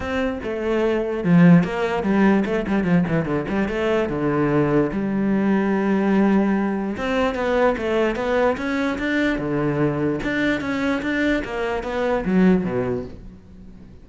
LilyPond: \new Staff \with { instrumentName = "cello" } { \time 4/4 \tempo 4 = 147 c'4 a2 f4 | ais4 g4 a8 g8 f8 e8 | d8 g8 a4 d2 | g1~ |
g4 c'4 b4 a4 | b4 cis'4 d'4 d4~ | d4 d'4 cis'4 d'4 | ais4 b4 fis4 b,4 | }